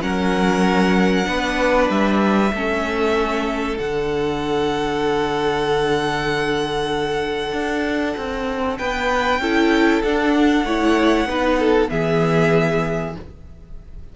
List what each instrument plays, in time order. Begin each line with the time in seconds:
0.00 cello F#3, viola C#4, violin A#4 F#5
1.25 cello B3, viola D4, violin B4
1.89 cello G3, violin E5
2.53 cello A3, viola C#4, violin A4
3.77 cello D3, viola D4, violin F#5
7.53 cello D4
8.17 cello C4
8.77 cello B3, violin B4 G5
9.39 cello C#4, viola E4, violin A4
10.03 cello D4, viola D4, violin F#5
10.64 cello A3, viola E4, violin C#5
11.25 cello B3, viola D#4, violin B4
11.60 violin A4
11.89 cello E3, viola B3, violin G#4 E5